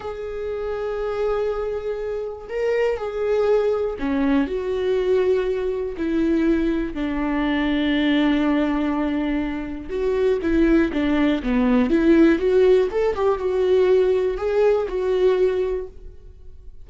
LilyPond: \new Staff \with { instrumentName = "viola" } { \time 4/4 \tempo 4 = 121 gis'1~ | gis'4 ais'4 gis'2 | cis'4 fis'2. | e'2 d'2~ |
d'1 | fis'4 e'4 d'4 b4 | e'4 fis'4 a'8 g'8 fis'4~ | fis'4 gis'4 fis'2 | }